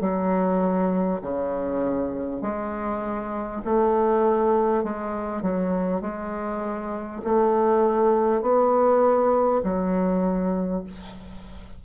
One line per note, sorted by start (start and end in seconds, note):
0.00 1.20 F#3
1.22 2.42 C#3
2.42 3.62 G#3
3.64 4.83 A3
4.83 5.42 G#3
5.42 6.01 F#3
6.01 7.21 G#3
7.24 8.42 A3
8.42 9.62 B3
9.63 10.83 F#3